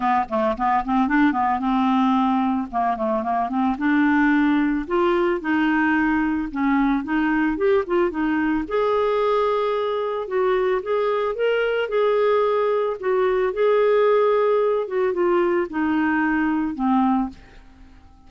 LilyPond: \new Staff \with { instrumentName = "clarinet" } { \time 4/4 \tempo 4 = 111 b8 a8 b8 c'8 d'8 b8 c'4~ | c'4 ais8 a8 ais8 c'8 d'4~ | d'4 f'4 dis'2 | cis'4 dis'4 g'8 f'8 dis'4 |
gis'2. fis'4 | gis'4 ais'4 gis'2 | fis'4 gis'2~ gis'8 fis'8 | f'4 dis'2 c'4 | }